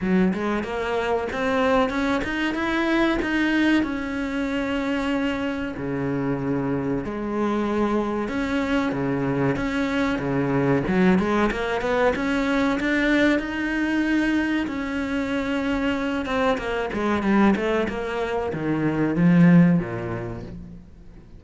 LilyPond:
\new Staff \with { instrumentName = "cello" } { \time 4/4 \tempo 4 = 94 fis8 gis8 ais4 c'4 cis'8 dis'8 | e'4 dis'4 cis'2~ | cis'4 cis2 gis4~ | gis4 cis'4 cis4 cis'4 |
cis4 fis8 gis8 ais8 b8 cis'4 | d'4 dis'2 cis'4~ | cis'4. c'8 ais8 gis8 g8 a8 | ais4 dis4 f4 ais,4 | }